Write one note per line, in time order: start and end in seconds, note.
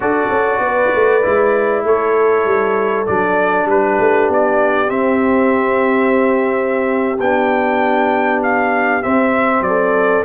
0.00 0.27 D4
0.00 1.21 F#4
0.00 0.62 A4
0.00 1.84 D5
0.29 0.59 C#4
0.59 0.89 B3
0.59 1.85 B4
0.94 1.24 A3
1.22 1.84 G#3
1.22 3.05 E4
1.84 2.44 A3
1.84 3.69 A4
1.84 3.06 C#5
2.44 3.05 G3
3.06 3.65 F#3
3.06 4.86 D4
3.06 3.67 D5
3.65 3.96 G3
3.65 9.66 G4
3.65 4.31 B4
3.99 4.29 A3
4.29 4.89 B3
4.29 4.90 D5
4.86 7.16 C4
4.86 7.19 C4
4.86 7.19 E5
7.20 9.03 B3
7.20 9.02 D4
7.20 8.42 G5
8.42 9.03 F5
9.02 10.24 C4
9.02 9.60 C4
9.02 9.62 E5
9.60 10.22 F#3
9.60 10.24 D5
9.67 10.24 A4